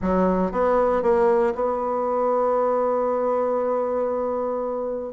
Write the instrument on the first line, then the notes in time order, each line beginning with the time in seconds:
bassoon
0.01 F#3
0.51 B3
1.02 A#3
1.55 B3